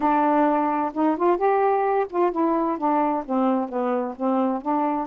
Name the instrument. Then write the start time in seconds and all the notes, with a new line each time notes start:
saxophone
0.00 D4
0.93 D#4
1.16 F4
1.37 G4
2.09 F4
2.31 E4
2.78 D4
3.25 C4
3.68 B3
4.16 C4
4.61 D4